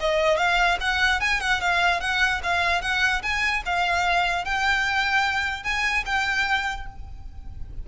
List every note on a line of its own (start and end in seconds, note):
0.00 0.37 D#5
0.37 0.78 F5
0.81 1.21 F#5
1.21 1.41 G#5
1.41 1.61 F#5
1.61 2.00 F5
2.00 2.41 F#5
2.43 2.82 F5
2.82 3.22 F#5
3.22 3.63 G#5
3.66 4.45 F5
4.45 5.64 G5
5.64 6.04 G#5
6.06 6.87 G5